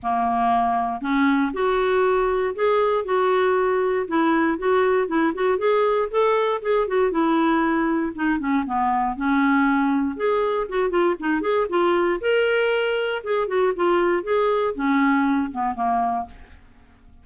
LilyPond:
\new Staff \with { instrumentName = "clarinet" } { \time 4/4 \tempo 4 = 118 ais2 cis'4 fis'4~ | fis'4 gis'4 fis'2 | e'4 fis'4 e'8 fis'8 gis'4 | a'4 gis'8 fis'8 e'2 |
dis'8 cis'8 b4 cis'2 | gis'4 fis'8 f'8 dis'8 gis'8 f'4 | ais'2 gis'8 fis'8 f'4 | gis'4 cis'4. b8 ais4 | }